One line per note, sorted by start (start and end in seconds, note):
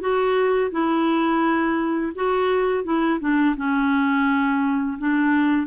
0.00 0.71 F#4
0.71 2.12 E4
2.15 2.84 F#4
2.84 3.19 E4
3.20 3.55 D4
3.56 4.97 C#4
4.98 5.67 D4